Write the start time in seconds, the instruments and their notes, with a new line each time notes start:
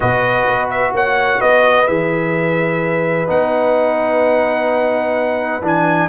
0.00 tuba B2, trombone F#4, horn B4, trumpet D#5
0.46 tuba B3
0.70 trumpet E5
0.92 tuba A#3, horn C#5, trumpet F#5
1.39 tuba B3, horn B4, trumpet D#5
1.86 tuba E3, trombone G#4, trumpet E5
3.27 tuba B3, trombone D#4, trumpet F#5
5.61 tuba E3, trombone D4, trumpet G#5